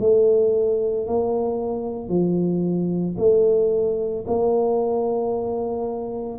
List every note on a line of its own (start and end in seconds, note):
0.00 1.07 A3
1.07 2.09 A#3
2.09 3.16 F3
3.18 4.25 A3
4.27 6.39 A#3